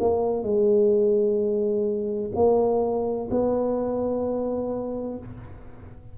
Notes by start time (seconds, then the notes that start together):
0.00 A#3
0.43 G#3
2.35 A#3
3.31 B3